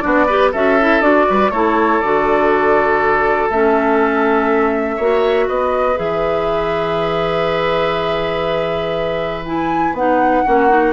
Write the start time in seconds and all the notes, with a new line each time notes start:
0.00 B3 D4 F#4 D5
0.26 G4 B4
0.52 C#4 F#4 A4 E5
0.80 E4
1.01 D4 F#4 D5
1.30 G3 B4
1.50 A3 E4 A4 C#5
2.00 D3 F#4 D5
3.50 A3 C#4 E5
4.96 A#3 F#4 C#5
5.48 B3 B4 D#5
5.96 E3 G#4 E5
9.45 E4 G#5
9.93 B3 D#4 F#5
10.45 A#3 C#4 F#4
10.68 D#4